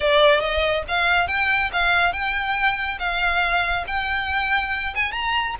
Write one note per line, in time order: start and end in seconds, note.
0.00 0.40 D5
0.40 0.83 D#5
0.88 1.27 F5
1.27 1.70 G5
1.72 2.12 F5
2.12 2.98 G5
2.99 3.85 F5
3.87 4.94 G5
4.95 5.12 G#5
5.12 5.55 A#5